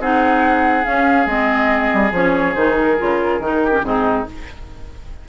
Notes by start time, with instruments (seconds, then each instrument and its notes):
0.00 bassoon C4, clarinet D#4, oboe G#4, flute F#5
0.84 clarinet C#4, bassoon C#4, flute F5
1.27 bassoon G#3, clarinet C4, flute D#5
1.94 bassoon G3
2.12 bassoon F3, clarinet C#4, flute C#5
2.55 bassoon D#3, clarinet D#4, flute C5
2.81 flute A#4
2.99 bassoon C#3, clarinet F4
3.40 bassoon D#3, clarinet D#4
3.64 oboe G4
3.72 clarinet C#4
3.83 bassoon G#2, clarinet C4, oboe D#4, flute G#4